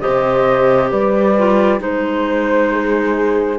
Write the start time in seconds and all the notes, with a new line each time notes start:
0.00 G4 C5 D#5
0.07 C3
0.91 G3 B4 D5
1.38 F4
1.79 G#3 D#4 C5
2.72 G#4